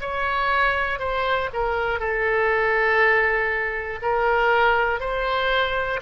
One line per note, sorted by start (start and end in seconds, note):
0.00 0.99 C#5
0.99 1.49 C5
1.53 2.00 A#4
2.00 4.00 A4
4.01 5.00 A#4
5.00 6.00 C5